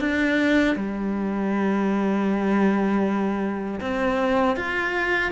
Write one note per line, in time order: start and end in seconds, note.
0.00 0.76 D4
0.76 3.80 G3
3.80 4.56 C4
4.56 5.32 F4